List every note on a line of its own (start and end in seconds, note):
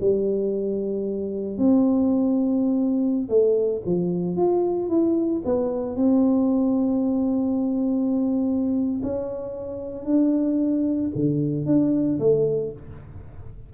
0.00 1.57 G3
1.57 3.28 C4
3.28 3.81 A3
3.85 4.36 F3
4.36 4.88 F4
4.88 5.42 E4
5.44 5.95 B3
5.95 9.01 C4
9.03 10.04 C#4
10.04 11.10 D4
11.15 11.65 D3
11.65 12.19 D4
12.19 12.72 A3